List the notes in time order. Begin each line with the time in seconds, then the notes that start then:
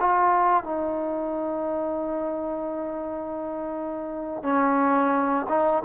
0.00 F4
0.64 D#4
4.43 C#4
5.49 D#4